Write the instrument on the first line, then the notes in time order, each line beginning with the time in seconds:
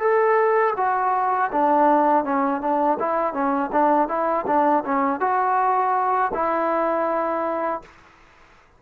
trombone
0.00 A4
0.77 F#4
1.52 D4
2.24 C#4
2.61 D4
2.99 E4
3.33 C#4
3.72 D4
4.08 E4
4.46 D4
4.85 C#4
5.21 F#4
6.34 E4